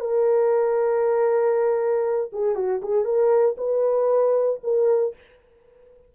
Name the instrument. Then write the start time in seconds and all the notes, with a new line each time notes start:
horn
0.00 A#4
2.32 G#4
2.55 F#4
2.82 G#4
3.04 A#4
3.57 B4
4.63 A#4